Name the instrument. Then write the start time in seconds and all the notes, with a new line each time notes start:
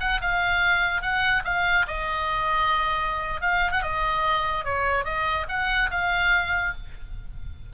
oboe
0.00 F#5
0.21 F5
1.02 F#5
1.45 F5
1.87 D#5
3.41 F5
3.72 F#5
3.82 D#5
4.65 C#5
5.05 D#5
5.49 F#5
5.90 F5